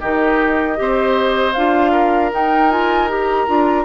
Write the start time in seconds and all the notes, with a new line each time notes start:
0.00 D#3 D#4 G4 D#5
0.76 C4 G4 C5
1.53 D4 F4 F5
1.92 A#4
2.32 D#4 G5
2.70 F4 G#5
3.09 G4 A#5
3.47 D4 F4